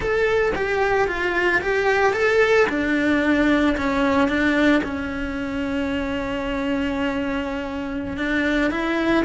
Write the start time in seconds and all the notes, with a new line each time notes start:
0.00 A4
0.55 G4
1.07 F4
1.61 G4
2.13 A4
2.69 D4
3.77 C#4
4.28 D4
4.83 C#4
8.17 D4
8.70 E4